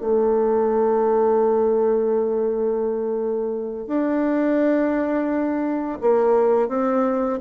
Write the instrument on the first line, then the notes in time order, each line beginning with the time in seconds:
bassoon
0.00 A3
3.87 D4
6.01 A#3
6.68 C4